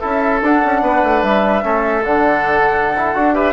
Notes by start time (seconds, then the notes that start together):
0.00 C#4 E4 A4 E5
0.42 D4 F#5
0.65 C#4
0.81 B3 B4
1.03 A3
1.23 G3 E5
1.63 A3 C#4 A4
2.03 D3 D4 F#5
2.96 E4
3.14 D4 F#4
3.34 G4 B4 E5